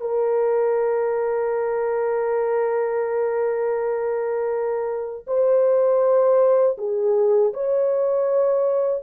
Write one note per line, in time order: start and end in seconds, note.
0.00 5.25 A#4
5.27 6.77 C5
6.78 7.53 G#4
7.53 9.03 C#5